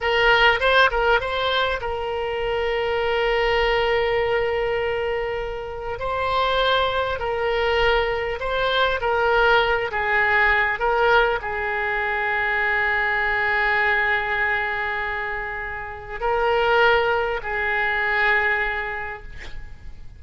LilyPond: \new Staff \with { instrumentName = "oboe" } { \time 4/4 \tempo 4 = 100 ais'4 c''8 ais'8 c''4 ais'4~ | ais'1~ | ais'2 c''2 | ais'2 c''4 ais'4~ |
ais'8 gis'4. ais'4 gis'4~ | gis'1~ | gis'2. ais'4~ | ais'4 gis'2. | }